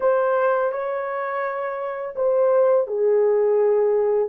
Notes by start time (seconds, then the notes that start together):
0.00 C5
0.71 C#5
2.15 C5
2.87 G#4